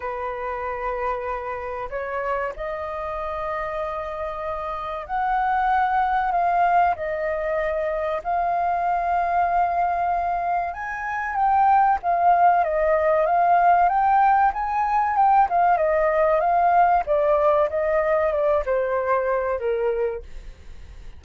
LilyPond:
\new Staff \with { instrumentName = "flute" } { \time 4/4 \tempo 4 = 95 b'2. cis''4 | dis''1 | fis''2 f''4 dis''4~ | dis''4 f''2.~ |
f''4 gis''4 g''4 f''4 | dis''4 f''4 g''4 gis''4 | g''8 f''8 dis''4 f''4 d''4 | dis''4 d''8 c''4. ais'4 | }